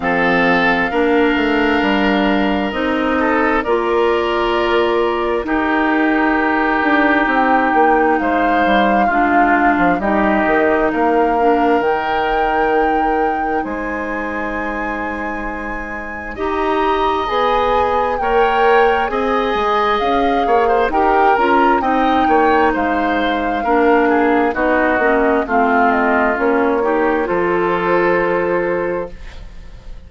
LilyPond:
<<
  \new Staff \with { instrumentName = "flute" } { \time 4/4 \tempo 4 = 66 f''2. dis''4 | d''2 ais'2 | g''4 f''2 dis''4 | f''4 g''2 gis''4~ |
gis''2 ais''4 gis''4 | g''4 gis''4 f''4 g''8 ais''8 | g''4 f''2 dis''4 | f''8 dis''8 cis''4 c''2 | }
  \new Staff \with { instrumentName = "oboe" } { \time 4/4 a'4 ais'2~ ais'8 a'8 | ais'2 g'2~ | g'4 c''4 f'4 g'4 | ais'2. c''4~ |
c''2 dis''2 | cis''4 dis''4. cis''16 c''16 ais'4 | dis''8 cis''8 c''4 ais'8 gis'8 fis'4 | f'4. g'8 a'2 | }
  \new Staff \with { instrumentName = "clarinet" } { \time 4/4 c'4 d'2 dis'4 | f'2 dis'2~ | dis'2 d'4 dis'4~ | dis'8 d'8 dis'2.~ |
dis'2 g'4 gis'4 | ais'4 gis'2 g'8 f'8 | dis'2 d'4 dis'8 cis'8 | c'4 cis'8 dis'8 f'2 | }
  \new Staff \with { instrumentName = "bassoon" } { \time 4/4 f4 ais8 a8 g4 c'4 | ais2 dis'4. d'8 | c'8 ais8 gis8 g8 gis8. f16 g8 dis8 | ais4 dis2 gis4~ |
gis2 dis'4 b4 | ais4 c'8 gis8 cis'8 ais8 dis'8 cis'8 | c'8 ais8 gis4 ais4 b8 ais8 | a4 ais4 f2 | }
>>